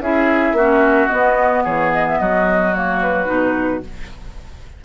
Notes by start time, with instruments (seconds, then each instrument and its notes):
0.00 bassoon C#4, clarinet E4, oboe G#4, flute E5
0.52 bassoon A#3, oboe F#4
0.60 clarinet C#4
1.08 clarinet B3, bassoon B3, flute D#5
1.64 bassoon E3, oboe G#4, flute C#5
1.92 flute D#5
2.07 flute E5
2.20 bassoon F#3, oboe F#4, flute D#5
2.74 clarinet A#3, flute C#5
3.01 flute B4
3.26 bassoon B2, clarinet D#4